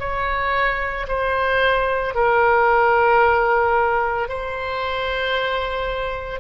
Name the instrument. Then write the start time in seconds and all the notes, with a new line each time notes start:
oboe
0.00 C#5
1.08 C5
2.15 A#4
4.29 C5